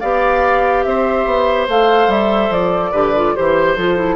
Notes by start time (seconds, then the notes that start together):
0.00 B3 G4 D5 F5
0.83 C4 C5 E5
1.25 B3
1.68 A3 A4 F5
2.07 G3 E5
2.50 F3 D5
2.91 D3 G4 B4
3.15 F4
3.35 E3 G4 C5
3.76 F3 F4 A4
3.96 E4